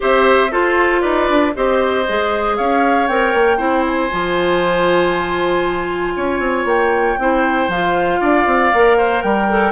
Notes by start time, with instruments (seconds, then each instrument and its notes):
0.00 bassoon C4, clarinet G4, oboe C5, flute E5
0.51 clarinet F4, bassoon F4, oboe A4, flute C5
1.01 bassoon D#4, oboe B4, flute D5
1.29 bassoon D4
1.54 bassoon C4, clarinet G4, oboe C5, flute D#5
2.07 bassoon G#3, clarinet G#4
2.56 bassoon C#4, oboe C#5, flute F5
3.07 bassoon C4, clarinet A#4, flute G5
3.33 bassoon A#3
3.57 bassoon C4, clarinet E4, oboe C5
3.86 flute G#5
4.10 bassoon F3, clarinet F4
6.16 bassoon C#4, oboe C#5
6.39 bassoon C4
6.64 bassoon A#3, flute G5
7.18 bassoon C4, clarinet E4, oboe C5
7.68 bassoon F3, clarinet F4, flute F5
8.20 bassoon D4, oboe D5
8.45 bassoon C4
8.73 bassoon A#3, clarinet A#4
8.97 oboe C5
9.21 bassoon G3, oboe A#4, flute G5
9.49 clarinet A4